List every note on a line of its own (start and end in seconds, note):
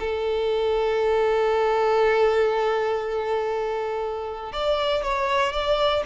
0.00 4.53 A4
4.53 5.03 D5
5.04 5.53 C#5
5.53 6.03 D5